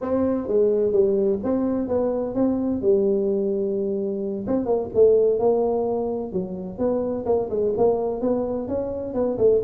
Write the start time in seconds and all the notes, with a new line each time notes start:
0.01 C4
0.47 G#3
0.92 G3
1.43 C4
1.87 B3
2.35 C4
2.81 G3
4.47 C4
4.65 A#3
4.94 A3
5.39 A#3
6.32 F#3
6.78 B3
7.25 A#3
7.50 G#3
7.77 A#3
8.21 B3
8.68 C#4
9.14 B3
9.37 A3